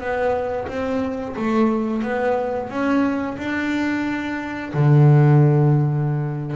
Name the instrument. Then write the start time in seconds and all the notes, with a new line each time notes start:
double bass
0.00 B3
0.68 C4
1.36 A3
2.02 B3
2.69 C#4
3.37 D4
4.73 D3